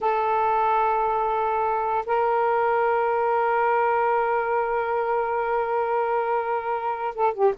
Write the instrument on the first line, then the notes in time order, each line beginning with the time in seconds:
saxophone
0.01 A4
2.06 A#4
7.14 A4
7.33 G4